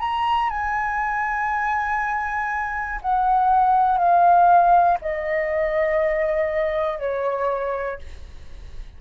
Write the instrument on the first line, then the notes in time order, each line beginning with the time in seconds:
flute
0.00 A#5
0.50 G#5
3.02 F#5
3.98 F5
5.02 D#5
7.00 C#5